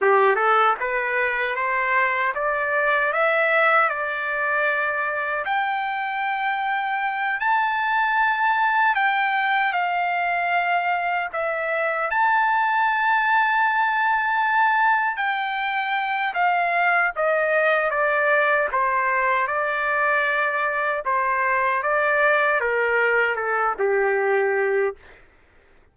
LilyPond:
\new Staff \with { instrumentName = "trumpet" } { \time 4/4 \tempo 4 = 77 g'8 a'8 b'4 c''4 d''4 | e''4 d''2 g''4~ | g''4. a''2 g''8~ | g''8 f''2 e''4 a''8~ |
a''2.~ a''8 g''8~ | g''4 f''4 dis''4 d''4 | c''4 d''2 c''4 | d''4 ais'4 a'8 g'4. | }